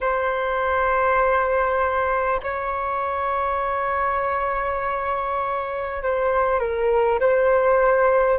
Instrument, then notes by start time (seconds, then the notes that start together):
flute
0.00 C5
2.43 C#5
6.02 C5
6.59 A#4
7.20 C5